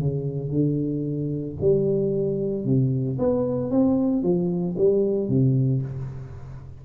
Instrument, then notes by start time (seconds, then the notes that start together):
tuba
0.00 C#3
0.50 D3
1.61 G3
2.65 C3
3.19 B3
3.71 C4
4.23 F3
4.78 G3
5.29 C3